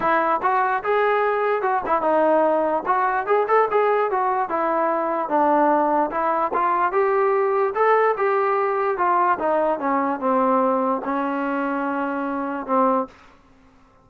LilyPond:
\new Staff \with { instrumentName = "trombone" } { \time 4/4 \tempo 4 = 147 e'4 fis'4 gis'2 | fis'8 e'8 dis'2 fis'4 | gis'8 a'8 gis'4 fis'4 e'4~ | e'4 d'2 e'4 |
f'4 g'2 a'4 | g'2 f'4 dis'4 | cis'4 c'2 cis'4~ | cis'2. c'4 | }